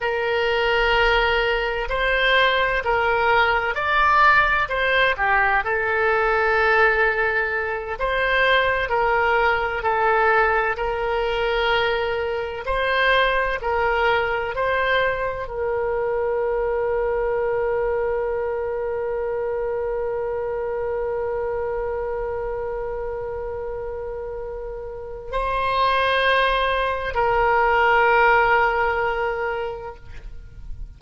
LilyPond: \new Staff \with { instrumentName = "oboe" } { \time 4/4 \tempo 4 = 64 ais'2 c''4 ais'4 | d''4 c''8 g'8 a'2~ | a'8 c''4 ais'4 a'4 ais'8~ | ais'4. c''4 ais'4 c''8~ |
c''8 ais'2.~ ais'8~ | ais'1~ | ais'2. c''4~ | c''4 ais'2. | }